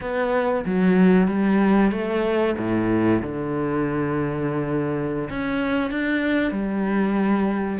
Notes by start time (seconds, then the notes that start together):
0.01 B3
0.65 F#3
1.27 G3
1.91 A3
2.57 A2
3.21 D3
5.29 C#4
5.90 D4
6.51 G3